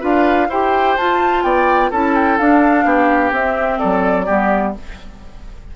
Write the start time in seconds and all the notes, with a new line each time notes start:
0.00 D4 F4 B4 F5
0.48 E4 G4 C5 G5
0.97 F4 A5
1.43 B3 D5 G5
1.90 C#4 E4 A4 A5
2.15 G5
2.37 D4 F5
2.84 B3 G4
3.31 C4 E5
3.78 F#3 A4 D5
4.25 G3 B3 G4